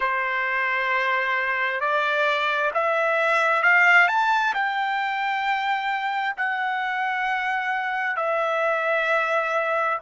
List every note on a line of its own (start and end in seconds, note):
0.00 1.80 C5
1.80 2.71 D5
2.74 3.62 E5
3.62 4.07 F5
4.07 4.53 A5
4.53 6.35 G5
6.36 8.16 F#5
8.16 9.98 E5